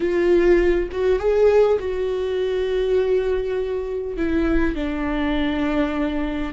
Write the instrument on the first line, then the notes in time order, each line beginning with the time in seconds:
viola
0.00 F4
0.91 F#4
1.19 G#4
1.79 F#4
4.17 E4
4.75 D4